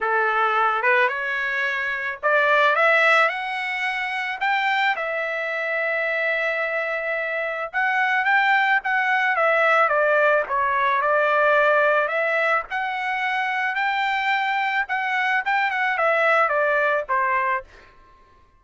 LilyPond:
\new Staff \with { instrumentName = "trumpet" } { \time 4/4 \tempo 4 = 109 a'4. b'8 cis''2 | d''4 e''4 fis''2 | g''4 e''2.~ | e''2 fis''4 g''4 |
fis''4 e''4 d''4 cis''4 | d''2 e''4 fis''4~ | fis''4 g''2 fis''4 | g''8 fis''8 e''4 d''4 c''4 | }